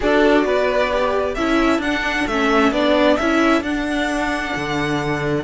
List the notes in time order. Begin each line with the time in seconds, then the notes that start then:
0.00 D4 F#4 A4 D5
0.45 B3 B4
0.90 G4
1.34 C#4 E4 A4 E5
1.78 D4 F#5
1.84 D4
2.26 A3 C#4 E5
2.71 B3 D4 D5
3.16 C#4 E4 E5
3.61 D4 F#5
4.55 D3